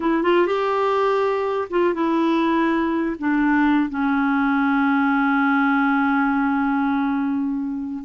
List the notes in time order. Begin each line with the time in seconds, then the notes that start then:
0.00 E4
0.22 F4
0.46 G4
1.70 F4
1.94 E4
3.18 D4
3.89 C#4